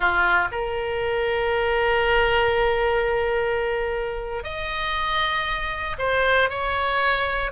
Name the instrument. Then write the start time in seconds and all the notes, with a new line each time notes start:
oboe
0.00 F4
0.51 A#4
4.43 D#5
5.98 C5
6.49 C#5